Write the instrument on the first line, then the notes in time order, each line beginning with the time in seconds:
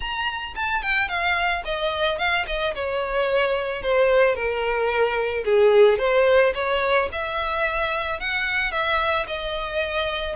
violin
0.00 A#5
0.55 A5
0.82 G5
1.08 F5
1.64 D#5
2.18 F5
2.47 D#5
2.74 C#5
3.82 C5
4.35 A#4
5.44 G#4
5.98 C5
6.54 C#5
7.12 E5
8.20 F#5
8.71 E5
9.27 D#5